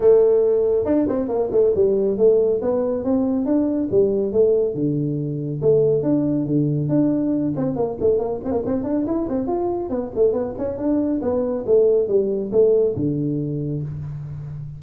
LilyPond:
\new Staff \with { instrumentName = "tuba" } { \time 4/4 \tempo 4 = 139 a2 d'8 c'8 ais8 a8 | g4 a4 b4 c'4 | d'4 g4 a4 d4~ | d4 a4 d'4 d4 |
d'4. c'8 ais8 a8 ais8 c'16 ais16 | c'8 d'8 e'8 c'8 f'4 b8 a8 | b8 cis'8 d'4 b4 a4 | g4 a4 d2 | }